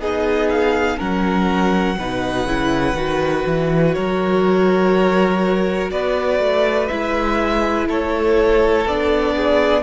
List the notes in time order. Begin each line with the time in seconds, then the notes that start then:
0.00 B3 D#4 G#4 D#5
0.50 F5
0.98 F#3 C#4 A#4 F#5
1.98 B2 D#4 B4
2.45 C#3 E4
2.95 D#3 F#4
3.47 E3
3.94 F#3 A#4 C#5
5.91 B3 B4 D5
6.40 A3
6.87 G#3 E4 E5
7.88 A3 A4 C#5
8.86 B3 D4 D5
9.36 G#4